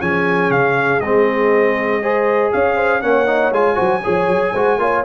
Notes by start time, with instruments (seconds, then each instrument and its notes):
0.00 tuba F3, trombone C#4, horn G#4, trumpet G#5
0.49 tuba C#3, trumpet F5
1.00 tuba G#3, trombone C4, trumpet D#5
2.01 trombone G#4, horn C5
2.52 tuba C#4, horn C#5, trumpet F5
2.76 horn C5
3.01 tuba A#3, trombone C#4, horn C#5, trumpet F#5
3.26 trombone D#4
3.52 tuba G#3, trombone F4, trumpet G#5
3.74 tuba F#3, trombone F#4, horn C5
4.03 tuba F3, trombone G#4, horn C#5
4.27 tuba F#3
4.52 tuba G#3, trombone F#4, horn C5
4.78 tuba A#3, trombone F4, horn C#5